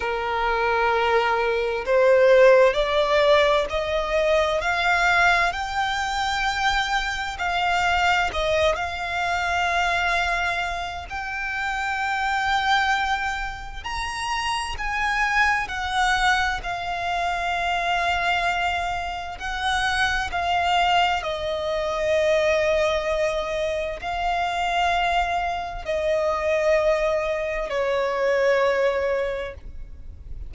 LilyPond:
\new Staff \with { instrumentName = "violin" } { \time 4/4 \tempo 4 = 65 ais'2 c''4 d''4 | dis''4 f''4 g''2 | f''4 dis''8 f''2~ f''8 | g''2. ais''4 |
gis''4 fis''4 f''2~ | f''4 fis''4 f''4 dis''4~ | dis''2 f''2 | dis''2 cis''2 | }